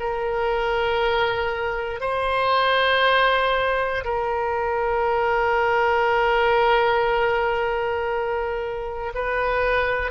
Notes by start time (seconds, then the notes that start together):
0.00 A#4
2.01 C5
4.05 A#4
9.15 B4